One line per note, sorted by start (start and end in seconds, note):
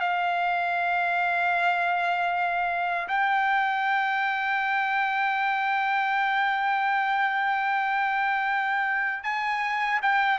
0.00 3.08 F5
3.08 9.23 G5
9.23 10.00 G#5
10.02 10.39 G5